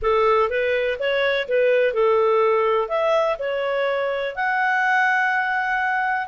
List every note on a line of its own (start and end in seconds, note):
0.01 0.49 A4
0.49 0.98 B4
0.99 1.47 C#5
1.48 1.93 B4
1.93 2.88 A4
2.88 3.37 E5
3.38 4.35 C#5
4.35 6.28 F#5